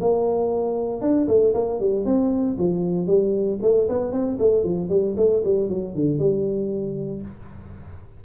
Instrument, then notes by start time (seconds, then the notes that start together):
tuba
0.00 A#3
1.01 D4
1.27 A3
1.54 A#3
1.80 G3
2.05 C4
2.58 F3
3.07 G3
3.62 A3
3.88 B3
4.11 C4
4.38 A3
4.63 F3
4.89 G3
5.16 A3
5.44 G3
5.69 F#3
5.94 D3
6.18 G3